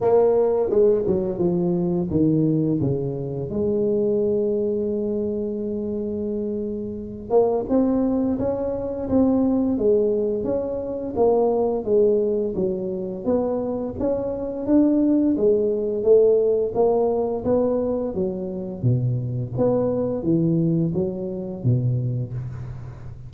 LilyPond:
\new Staff \with { instrumentName = "tuba" } { \time 4/4 \tempo 4 = 86 ais4 gis8 fis8 f4 dis4 | cis4 gis2.~ | gis2~ gis8 ais8 c'4 | cis'4 c'4 gis4 cis'4 |
ais4 gis4 fis4 b4 | cis'4 d'4 gis4 a4 | ais4 b4 fis4 b,4 | b4 e4 fis4 b,4 | }